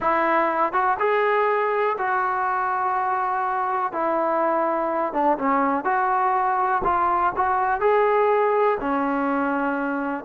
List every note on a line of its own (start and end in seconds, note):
0.00 0.72 E4
0.72 0.97 F#4
0.99 1.96 G#4
1.98 3.92 F#4
3.92 5.13 E4
5.13 5.37 D4
5.38 5.84 C#4
5.84 6.82 F#4
6.84 7.32 F4
7.36 7.80 F#4
7.80 8.78 G#4
8.80 10.24 C#4